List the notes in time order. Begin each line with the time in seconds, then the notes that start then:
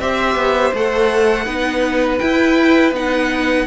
0.00 C4 G4 C5 E5
0.35 B3
0.74 A3 A4 F#5
1.45 B3 D#4 B4
2.18 E4 G5
2.92 B3 D#4 F#5